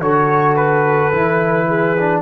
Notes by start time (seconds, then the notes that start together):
0.00 D3 F#4 A4 C#5
0.56 B4
1.13 E3 E4
1.68 G#4
1.98 D4